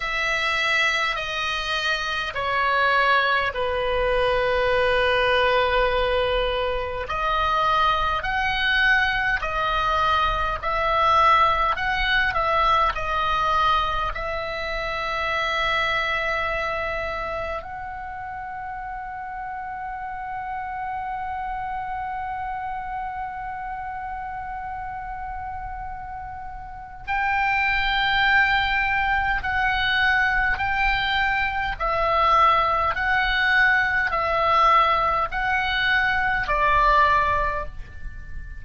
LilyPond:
\new Staff \with { instrumentName = "oboe" } { \time 4/4 \tempo 4 = 51 e''4 dis''4 cis''4 b'4~ | b'2 dis''4 fis''4 | dis''4 e''4 fis''8 e''8 dis''4 | e''2. fis''4~ |
fis''1~ | fis''2. g''4~ | g''4 fis''4 g''4 e''4 | fis''4 e''4 fis''4 d''4 | }